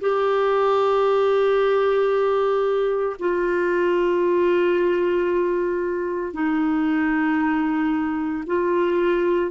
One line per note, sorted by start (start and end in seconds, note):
0.00 3.16 G4
3.19 6.33 F4
6.33 8.44 D#4
8.46 9.51 F4